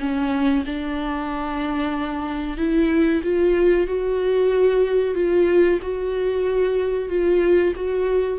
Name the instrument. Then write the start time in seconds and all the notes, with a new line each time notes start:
viola
0.00 C#4
0.66 D4
2.58 E4
3.24 F4
3.88 F#4
5.15 F4
5.82 F#4
7.09 F4
7.76 F#4